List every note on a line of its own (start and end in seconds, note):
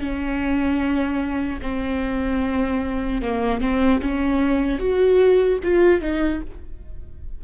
0.00 1.60 C#4
1.62 3.22 C4
3.22 3.61 A#3
3.61 4.01 C4
4.02 4.79 C#4
4.79 5.59 F#4
5.64 6.01 F4
6.01 6.41 D#4